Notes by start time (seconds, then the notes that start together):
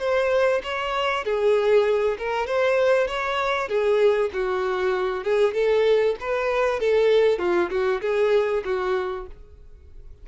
0.00 C5
0.64 C#5
1.25 G#4
2.18 A#4
2.47 C5
3.08 C#5
3.69 G#4
4.34 F#4
5.24 G#4
5.54 A4
6.21 B4
6.80 A4
7.39 F4
7.71 F#4
8.02 G#4
8.65 F#4